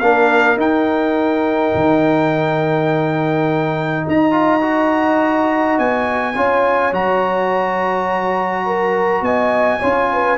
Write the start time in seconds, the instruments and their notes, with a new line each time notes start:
0.00 tuba A#3, trombone D4, horn A#4, trumpet F5
0.57 tuba D#4, trombone D#4, trumpet G5
1.75 tuba D#3
4.06 tuba D#4, horn D#5, trumpet A#5
4.32 trombone F4
4.62 trombone F#4
5.79 tuba B3, trumpet G#5
6.36 tuba C#4, trombone F4, horn C#5
6.93 tuba F#3, trombone F#4, trumpet A#5
8.66 horn A#4
9.22 tuba B3, horn D#5, trumpet G#5
9.80 tuba C#4, trombone F4, horn C#5
10.13 horn B4